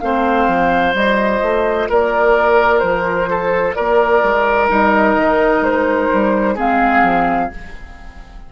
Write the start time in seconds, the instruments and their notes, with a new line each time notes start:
0.00 bassoon A3, clarinet C4, oboe C5, flute F5
0.47 bassoon F3
0.94 bassoon G3, clarinet F4, flute D#5
1.42 bassoon A3
1.89 bassoon A#3, oboe A#4, flute D5
2.79 bassoon F3, flute C5
3.30 oboe A4
3.74 bassoon A#3, oboe A#4, flute D5
4.23 bassoon G#3
4.68 bassoon G3, clarinet D#4, flute D#5
5.16 bassoon D#3
5.61 bassoon G#3, flute C5
6.13 bassoon G3
6.55 bassoon G#3, clarinet C4, oboe G#4, flute F5
7.03 bassoon F3